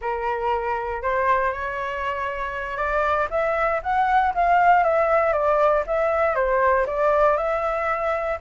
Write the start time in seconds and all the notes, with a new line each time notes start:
0.01 A#4
1.02 C5
1.52 C#5
2.77 D5
3.30 E5
3.83 F#5
4.34 F5
4.83 E5
5.32 D5
5.86 E5
6.35 C5
6.86 D5
7.36 E5